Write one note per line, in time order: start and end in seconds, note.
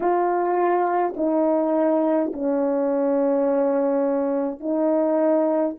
0.00 1.14 F4
1.16 2.31 D#4
2.33 4.59 C#4
4.59 5.75 D#4